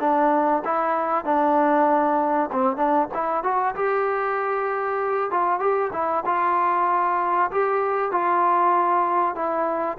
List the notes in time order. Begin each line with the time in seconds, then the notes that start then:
0.00 D4
0.64 E4
1.25 D4
2.52 C4
2.76 D4
3.14 E4
3.43 F#4
3.75 G4
5.30 F4
5.59 G4
5.93 E4
6.26 F4
7.51 G4
8.11 F4
9.35 E4